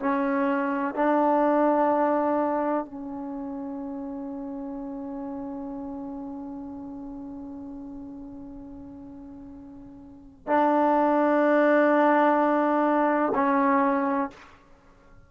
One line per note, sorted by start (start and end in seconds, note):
0.00 0.95 C#4
0.96 2.86 D4
2.86 10.48 C#4
10.48 13.33 D4
13.35 14.30 C#4